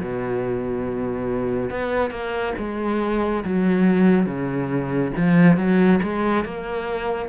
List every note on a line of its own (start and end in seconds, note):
0.00 1.71 B2
1.71 2.11 B3
2.11 2.54 A#3
2.59 3.44 G#3
3.45 4.27 F#3
4.27 5.12 C#3
5.17 5.57 F3
5.57 6.00 F#3
6.03 6.45 G#3
6.45 7.29 A#3